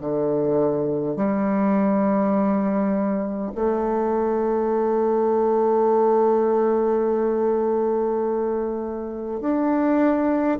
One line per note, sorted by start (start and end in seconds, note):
0.00 1.16 D3
1.16 3.51 G3
3.55 9.41 A3
9.41 10.58 D4